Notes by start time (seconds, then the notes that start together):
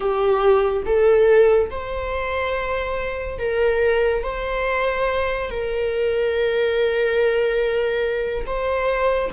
0.00 G4
0.85 A4
1.70 C5
3.38 A#4
4.23 C5
5.49 A#4
8.46 C5